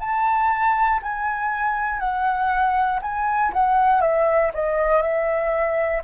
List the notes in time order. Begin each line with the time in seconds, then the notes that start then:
0.00 A5
1.02 G#5
2.00 F#5
3.02 G#5
3.53 F#5
4.01 E5
4.54 D#5
5.02 E5